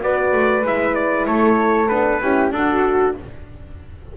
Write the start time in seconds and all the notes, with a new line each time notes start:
0.00 B3 F#4 B4 D5
0.32 A3
0.63 G#3 E4 E5
0.94 D5
1.26 A3 A4 C#5
1.88 B3 D4 B4
2.21 C#4 E4 G4
2.51 D4 F#4 A4